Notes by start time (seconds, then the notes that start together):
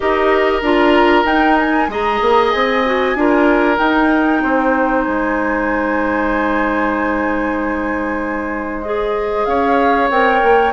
0.00 D#4 G4 A#4 D#5
0.61 D4 F4 A#5
1.24 D#4 G5
1.58 G#5
1.88 G#3 G#4 D#5 A#5
2.21 A#3
2.50 C4 G#5
2.85 F#4
3.15 D4 F4 A#4
3.77 D#4 G5
4.42 C4 C5
5.04 G#3 G#5
8.81 G#4 D#5
9.45 C#4 C#5 F5
10.10 C4 A#4 G5
10.42 A#3